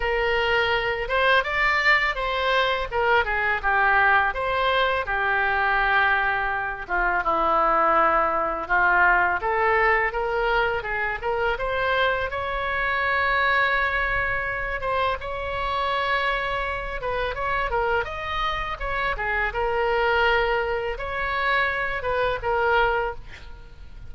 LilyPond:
\new Staff \with { instrumentName = "oboe" } { \time 4/4 \tempo 4 = 83 ais'4. c''8 d''4 c''4 | ais'8 gis'8 g'4 c''4 g'4~ | g'4. f'8 e'2 | f'4 a'4 ais'4 gis'8 ais'8 |
c''4 cis''2.~ | cis''8 c''8 cis''2~ cis''8 b'8 | cis''8 ais'8 dis''4 cis''8 gis'8 ais'4~ | ais'4 cis''4. b'8 ais'4 | }